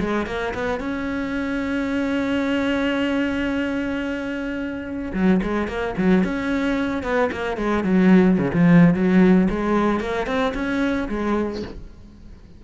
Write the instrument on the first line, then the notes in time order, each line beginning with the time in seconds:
cello
0.00 G#3
0.27 A#3
0.55 B3
0.80 C#4
5.14 F#3
5.43 G#3
5.68 A#3
5.98 F#3
6.24 C#4
7.03 B3
7.32 A#3
7.57 G#3
7.84 F#3
8.38 C#3
8.54 F3
8.95 F#3
9.50 G#3
10.00 A#3
10.27 C4
10.54 C#4
11.09 G#3